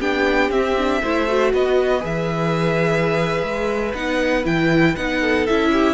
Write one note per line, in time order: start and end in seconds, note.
0.00 0.50 B3
0.00 0.51 D4
0.00 1.02 G4
0.00 0.51 G5
0.50 1.01 C4
0.50 0.77 C4
0.50 1.52 E5
0.78 1.03 D4
1.02 1.53 A3
1.02 1.28 E4
1.02 1.53 C5
1.28 2.00 F#4
1.53 2.04 B3
1.53 5.20 B4
1.53 2.04 D#5
2.00 3.42 E3
2.00 3.91 G#4
2.00 3.94 E5
3.42 3.93 G#3
3.94 4.45 B3
3.94 4.44 D#4
3.94 4.45 F#5
4.44 4.96 E3
4.44 4.94 E4
4.44 4.96 G5
4.96 5.47 B3
4.96 5.48 D#4
4.96 5.46 F#5
5.20 5.70 A4
5.46 5.94 C#4
5.46 5.94 E4
5.46 5.94 E5
5.72 5.94 G4